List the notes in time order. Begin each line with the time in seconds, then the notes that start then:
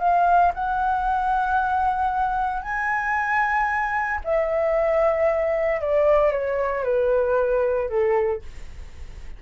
0.00 F5
0.55 F#5
2.63 G#5
4.25 E5
5.82 D5
6.32 C#5
6.84 B4
7.89 A4